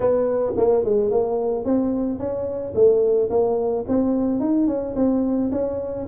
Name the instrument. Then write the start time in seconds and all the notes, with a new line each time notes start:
tuba
0.00 B3
0.56 A#3
0.84 G#3
1.10 A#3
1.64 C4
2.18 C#4
2.74 A3
3.30 A#3
3.88 C4
4.40 D#4
4.67 C#4
4.95 C4
5.51 C#4